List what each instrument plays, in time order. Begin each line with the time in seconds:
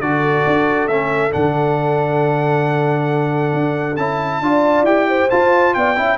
0.00 tuba D3, trombone F#4, horn A4, trumpet D5
0.47 tuba D4
0.87 tuba A3, trombone C#4, trumpet E5
1.31 tuba D3, trombone D4, trumpet F#5
3.53 tuba D4
3.96 tuba C#4, trombone E4, trumpet A5
4.41 tuba D4, trombone F4, horn D5
4.82 tuba E4, trombone G4, trumpet G5
5.09 horn C5
5.30 trombone F4, tuba F4, trumpet A5
5.74 tuba B3, horn D5, trumpet G5
5.95 tuba C#4, trombone E4, horn E5